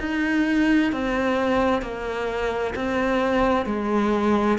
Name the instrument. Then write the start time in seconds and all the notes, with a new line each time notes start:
cello
0.00 D#4
0.92 C4
1.82 A#3
2.76 C4
3.66 G#3